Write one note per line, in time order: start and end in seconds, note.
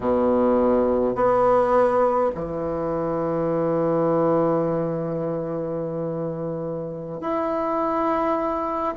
0.00 1.15 B2
1.15 2.30 B3
2.34 7.21 E3
7.21 8.94 E4